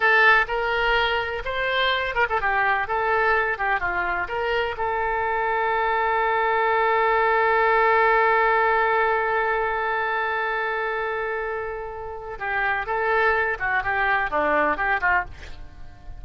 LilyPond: \new Staff \with { instrumentName = "oboe" } { \time 4/4 \tempo 4 = 126 a'4 ais'2 c''4~ | c''8 ais'16 a'16 g'4 a'4. g'8 | f'4 ais'4 a'2~ | a'1~ |
a'1~ | a'1~ | a'2 g'4 a'4~ | a'8 fis'8 g'4 d'4 g'8 f'8 | }